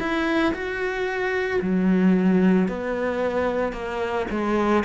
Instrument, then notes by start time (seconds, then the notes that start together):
cello
0.00 E4
0.54 F#4
1.62 F#3
2.68 B3
3.73 A#3
4.31 G#3